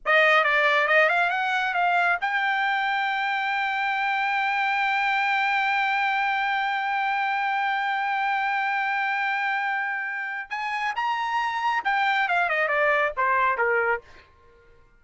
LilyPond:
\new Staff \with { instrumentName = "trumpet" } { \time 4/4 \tempo 4 = 137 dis''4 d''4 dis''8 f''8 fis''4 | f''4 g''2.~ | g''1~ | g''1~ |
g''1~ | g''1 | gis''4 ais''2 g''4 | f''8 dis''8 d''4 c''4 ais'4 | }